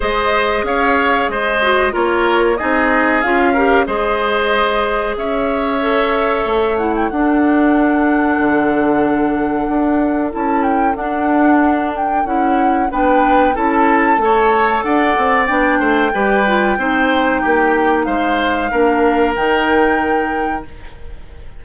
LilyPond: <<
  \new Staff \with { instrumentName = "flute" } { \time 4/4 \tempo 4 = 93 dis''4 f''4 dis''4 cis''4 | dis''4 f''4 dis''2 | e''2~ e''8 fis''16 g''16 fis''4~ | fis''1 |
a''8 g''8 fis''4. g''8 fis''4 | g''4 a''2 fis''4 | g''1 | f''2 g''2 | }
  \new Staff \with { instrumentName = "oboe" } { \time 4/4 c''4 cis''4 c''4 ais'4 | gis'4. ais'8 c''2 | cis''2. a'4~ | a'1~ |
a'1 | b'4 a'4 cis''4 d''4~ | d''8 c''8 b'4 c''4 g'4 | c''4 ais'2. | }
  \new Staff \with { instrumentName = "clarinet" } { \time 4/4 gis'2~ gis'8 fis'8 f'4 | dis'4 f'8 g'8 gis'2~ | gis'4 a'4. e'8 d'4~ | d'1 |
e'4 d'2 e'4 | d'4 e'4 a'2 | d'4 g'8 f'8 dis'2~ | dis'4 d'4 dis'2 | }
  \new Staff \with { instrumentName = "bassoon" } { \time 4/4 gis4 cis'4 gis4 ais4 | c'4 cis'4 gis2 | cis'2 a4 d'4~ | d'4 d2 d'4 |
cis'4 d'2 cis'4 | b4 cis'4 a4 d'8 c'8 | b8 a8 g4 c'4 ais4 | gis4 ais4 dis2 | }
>>